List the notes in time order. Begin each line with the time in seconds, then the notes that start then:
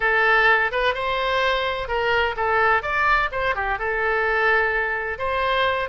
0.00 A4
0.71 B4
0.94 C5
1.87 A#4
2.36 A4
2.82 D5
3.31 C5
3.55 G4
3.78 A4
5.18 C5